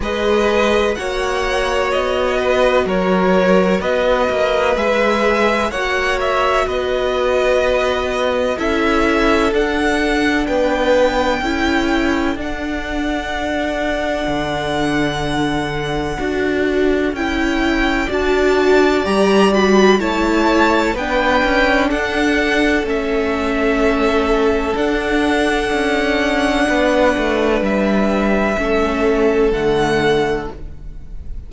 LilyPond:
<<
  \new Staff \with { instrumentName = "violin" } { \time 4/4 \tempo 4 = 63 dis''4 fis''4 dis''4 cis''4 | dis''4 e''4 fis''8 e''8 dis''4~ | dis''4 e''4 fis''4 g''4~ | g''4 fis''2.~ |
fis''2 g''4 a''4 | ais''8 b''8 a''4 g''4 fis''4 | e''2 fis''2~ | fis''4 e''2 fis''4 | }
  \new Staff \with { instrumentName = "violin" } { \time 4/4 b'4 cis''4. b'8 ais'4 | b'2 cis''4 b'4~ | b'4 a'2 b'4 | a'1~ |
a'2. d''4~ | d''4 cis''4 b'4 a'4~ | a'1 | b'2 a'2 | }
  \new Staff \with { instrumentName = "viola" } { \time 4/4 gis'4 fis'2.~ | fis'4 gis'4 fis'2~ | fis'4 e'4 d'2 | e'4 d'2.~ |
d'4 fis'4 e'4 fis'4 | g'8 fis'8 e'4 d'2 | cis'2 d'2~ | d'2 cis'4 a4 | }
  \new Staff \with { instrumentName = "cello" } { \time 4/4 gis4 ais4 b4 fis4 | b8 ais8 gis4 ais4 b4~ | b4 cis'4 d'4 b4 | cis'4 d'2 d4~ |
d4 d'4 cis'4 d'4 | g4 a4 b8 cis'8 d'4 | a2 d'4 cis'4 | b8 a8 g4 a4 d4 | }
>>